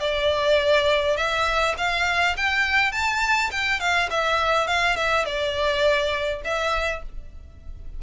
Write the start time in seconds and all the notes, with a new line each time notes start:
0.00 D5
1.17 E5
1.78 F5
2.36 G5
2.92 A5
3.51 G5
3.80 F5
4.10 E5
4.67 F5
4.96 E5
5.25 D5
6.44 E5